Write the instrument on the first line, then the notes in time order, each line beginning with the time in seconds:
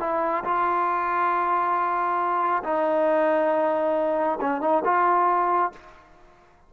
trombone
0.00 E4
0.44 F4
2.64 D#4
4.41 C#4
4.61 D#4
4.85 F4